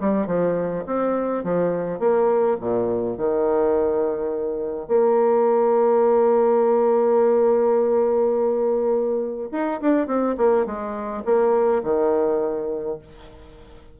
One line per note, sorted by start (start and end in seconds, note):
0.00 0.26 G3
0.26 0.84 F3
0.86 1.43 C4
1.43 1.99 F3
1.99 2.57 A#3
2.60 3.17 A#2
3.17 4.88 D#3
4.88 9.49 A#3
9.51 9.80 D#4
9.81 10.06 D4
10.06 10.35 C4
10.37 10.65 A#3
10.65 11.23 G#3
11.25 11.82 A#3
11.83 12.99 D#3